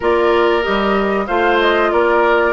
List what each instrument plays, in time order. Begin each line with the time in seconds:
0.00 bassoon A#3, clarinet F4, oboe A#4, flute D5
0.62 bassoon G3, clarinet G4, flute D#5
1.26 bassoon A3, clarinet F4, oboe C5, flute F5
1.60 flute D#5
1.91 bassoon A#3, oboe A#4, flute D5